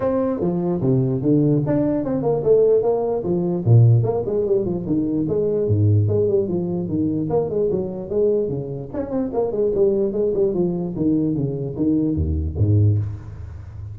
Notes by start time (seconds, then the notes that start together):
0.00 C4
0.40 F3
0.81 C3
1.22 D3
1.66 D4
2.04 C4
2.22 A#3
2.43 A3
2.82 A#3
3.23 F3
3.64 A#2
4.03 A#3
4.25 G#3
4.46 G3
4.65 F3
4.86 D#3
5.28 G#3
5.67 G#2
6.08 G#3
6.27 G3
6.48 F3
6.88 D#3
7.29 A#3
7.49 G#3
7.71 F#3
8.09 G#3
8.48 C#3
8.93 C#4
9.10 C4
9.33 A#3
9.51 G#3
9.75 G3
10.12 G#3
10.34 G3
10.54 F3
10.96 D#3
11.35 C#3
11.76 D#3
12.15 D#2
12.57 G#2